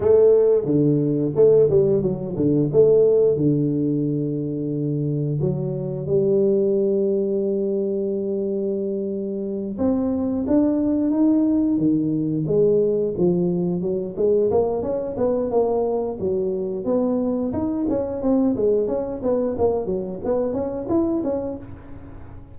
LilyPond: \new Staff \with { instrumentName = "tuba" } { \time 4/4 \tempo 4 = 89 a4 d4 a8 g8 fis8 d8 | a4 d2. | fis4 g2.~ | g2~ g8 c'4 d'8~ |
d'8 dis'4 dis4 gis4 f8~ | f8 fis8 gis8 ais8 cis'8 b8 ais4 | fis4 b4 dis'8 cis'8 c'8 gis8 | cis'8 b8 ais8 fis8 b8 cis'8 e'8 cis'8 | }